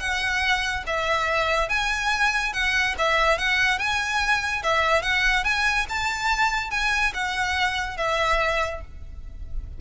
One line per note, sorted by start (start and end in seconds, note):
0.00 0.84 F#5
0.87 1.69 E5
1.69 2.53 G#5
2.53 2.95 F#5
2.98 3.38 E5
3.38 3.79 F#5
3.79 4.63 G#5
4.63 5.02 E5
5.02 5.44 F#5
5.45 5.86 G#5
5.89 6.71 A5
6.71 7.13 G#5
7.14 7.97 F#5
7.97 8.81 E5